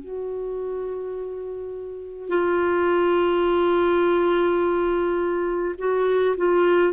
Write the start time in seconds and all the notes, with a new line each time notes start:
0.00 F#4
2.29 F4
5.78 F#4
6.37 F4